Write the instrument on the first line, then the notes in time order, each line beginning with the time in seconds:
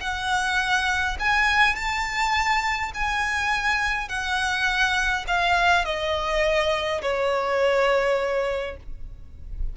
violin
0.00 F#5
1.19 G#5
1.75 A5
2.94 G#5
4.08 F#5
5.27 F5
5.85 D#5
7.01 C#5